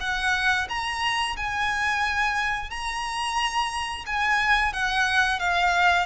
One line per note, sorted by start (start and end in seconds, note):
0.00 0.67 F#5
0.69 1.36 A#5
1.36 2.70 G#5
2.70 4.05 A#5
4.06 4.73 G#5
4.73 5.39 F#5
5.39 6.06 F5